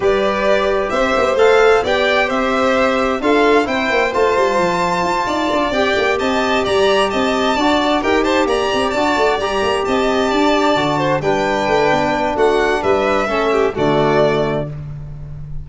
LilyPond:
<<
  \new Staff \with { instrumentName = "violin" } { \time 4/4 \tempo 4 = 131 d''2 e''4 f''4 | g''4 e''2 f''4 | g''4 a''2.~ | a''8 g''4 a''4 ais''4 a''8~ |
a''4. g''8 a''8 ais''4 a''8~ | a''8 ais''4 a''2~ a''8~ | a''8 g''2~ g''8 fis''4 | e''2 d''2 | }
  \new Staff \with { instrumentName = "violin" } { \time 4/4 b'2 c''2 | d''4 c''2 a'4 | c''2.~ c''8 d''8~ | d''4. dis''4 d''4 dis''8~ |
dis''8 d''4 ais'8 c''8 d''4.~ | d''4. dis''4 d''4. | c''8 b'2~ b'8 fis'4 | b'4 a'8 g'8 fis'2 | }
  \new Staff \with { instrumentName = "trombone" } { \time 4/4 g'2. a'4 | g'2. f'4 | e'4 f'2.~ | f'8 g'2.~ g'8~ |
g'8 fis'4 g'2 fis'8~ | fis'8 g'2. fis'8~ | fis'8 d'2.~ d'8~ | d'4 cis'4 a2 | }
  \new Staff \with { instrumentName = "tuba" } { \time 4/4 g2 c'8 b8 a4 | b4 c'2 d'4 | c'8 ais8 a8 g8 f4 f'8 dis'8 | d'8 c'8 ais8 c'4 g4 c'8~ |
c'8 d'4 dis'4 ais8 c'8 d'8 | a8 g8 ais8 c'4 d'4 d8~ | d8 g4 a8 b4 a4 | g4 a4 d2 | }
>>